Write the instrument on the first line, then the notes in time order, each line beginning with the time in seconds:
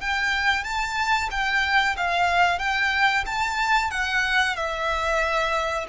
violin
0.00 G5
0.63 A5
1.30 G5
1.96 F5
2.58 G5
3.25 A5
3.90 F#5
4.56 E5